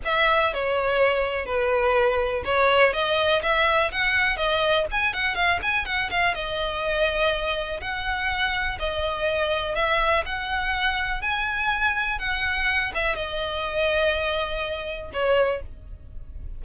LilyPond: \new Staff \with { instrumentName = "violin" } { \time 4/4 \tempo 4 = 123 e''4 cis''2 b'4~ | b'4 cis''4 dis''4 e''4 | fis''4 dis''4 gis''8 fis''8 f''8 gis''8 | fis''8 f''8 dis''2. |
fis''2 dis''2 | e''4 fis''2 gis''4~ | gis''4 fis''4. e''8 dis''4~ | dis''2. cis''4 | }